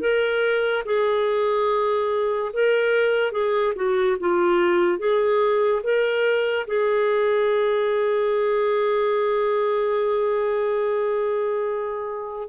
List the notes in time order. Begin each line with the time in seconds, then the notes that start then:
0.00 A#4
0.85 G#4
2.53 A#4
3.32 G#4
3.75 F#4
4.20 F4
4.99 G#4
5.83 A#4
6.67 G#4